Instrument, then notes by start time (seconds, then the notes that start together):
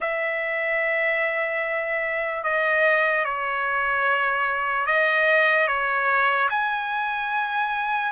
trumpet
0.00 E5
2.43 D#5
3.24 C#5
4.86 D#5
5.67 C#5
6.49 G#5